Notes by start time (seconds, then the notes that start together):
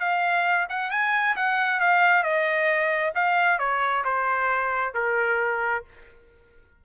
0.00 F5
0.70 F#5
0.91 G#5
1.37 F#5
1.80 F5
2.24 D#5
3.15 F5
3.59 C#5
4.05 C5
4.95 A#4